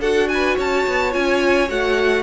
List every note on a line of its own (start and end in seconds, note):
0.00 0.56 D4
0.00 1.11 F#4
0.00 0.28 A4
0.00 0.28 F#5
0.28 0.56 B4
0.28 0.56 G#5
0.56 0.86 C#4
0.56 2.23 C#5
0.56 1.13 A5
0.87 1.15 B3
1.11 1.70 C#4
1.11 1.67 F4
1.11 1.69 G#5
1.69 2.23 A3
1.69 2.23 F#4
1.69 2.23 F#5